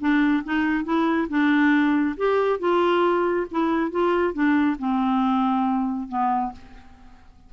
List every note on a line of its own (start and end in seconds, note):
0.00 0.43 D4
0.44 0.84 D#4
0.84 1.28 E4
1.29 2.16 D4
2.17 2.59 G4
2.59 3.46 F4
3.51 3.91 E4
3.91 4.33 F4
4.33 4.76 D4
4.79 6.08 C4
6.08 6.52 B3